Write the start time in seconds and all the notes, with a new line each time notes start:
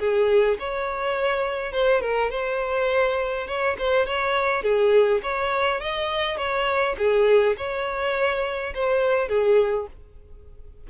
0.00 G#4
0.60 C#5
1.73 C5
2.02 A#4
2.31 C5
3.48 C#5
3.79 C5
4.06 C#5
4.63 G#4
5.23 C#5
5.81 D#5
6.38 C#5
6.99 G#4
7.58 C#5
8.75 C5
9.29 G#4